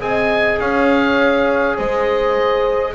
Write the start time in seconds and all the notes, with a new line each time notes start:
0.00 C4 G#4 D#5 G#5
0.60 C#4 C#5 F5
1.76 G#3 C5 D#5